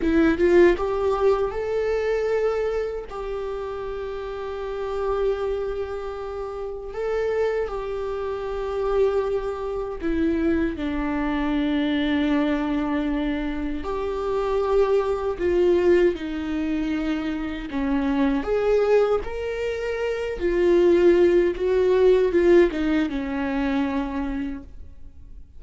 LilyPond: \new Staff \with { instrumentName = "viola" } { \time 4/4 \tempo 4 = 78 e'8 f'8 g'4 a'2 | g'1~ | g'4 a'4 g'2~ | g'4 e'4 d'2~ |
d'2 g'2 | f'4 dis'2 cis'4 | gis'4 ais'4. f'4. | fis'4 f'8 dis'8 cis'2 | }